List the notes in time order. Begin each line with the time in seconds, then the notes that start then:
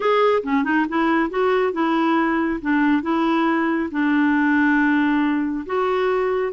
0.00 G#4
0.43 C#4
0.64 D#4
0.88 E4
1.30 F#4
1.73 E4
2.61 D4
3.02 E4
3.91 D4
5.65 F#4